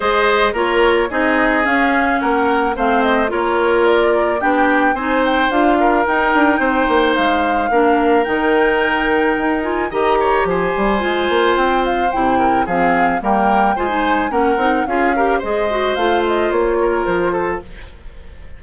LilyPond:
<<
  \new Staff \with { instrumentName = "flute" } { \time 4/4 \tempo 4 = 109 dis''4 cis''4 dis''4 f''4 | fis''4 f''8 dis''8 cis''4 d''4 | g''4 gis''8 g''8 f''4 g''4~ | g''4 f''2 g''4~ |
g''4. gis''8 ais''4 gis''4~ | gis''4 g''8 f''8 g''4 f''4 | g''4 gis''4 fis''4 f''4 | dis''4 f''8 dis''8 cis''4 c''4 | }
  \new Staff \with { instrumentName = "oboe" } { \time 4/4 c''4 ais'4 gis'2 | ais'4 c''4 ais'2 | g'4 c''4. ais'4. | c''2 ais'2~ |
ais'2 dis''8 cis''8 c''4~ | c''2~ c''8 ais'8 gis'4 | ais'4 c''4 ais'4 gis'8 ais'8 | c''2~ c''8 ais'4 a'8 | }
  \new Staff \with { instrumentName = "clarinet" } { \time 4/4 gis'4 f'4 dis'4 cis'4~ | cis'4 c'4 f'2 | d'4 dis'4 f'4 dis'4~ | dis'2 d'4 dis'4~ |
dis'4. f'8 g'2 | f'2 e'4 c'4 | ais4 f'16 dis'8. cis'8 dis'8 f'8 g'8 | gis'8 fis'8 f'2. | }
  \new Staff \with { instrumentName = "bassoon" } { \time 4/4 gis4 ais4 c'4 cis'4 | ais4 a4 ais2 | b4 c'4 d'4 dis'8 d'8 | c'8 ais8 gis4 ais4 dis4~ |
dis4 dis'4 dis4 f8 g8 | gis8 ais8 c'4 c4 f4 | g4 gis4 ais8 c'8 cis'4 | gis4 a4 ais4 f4 | }
>>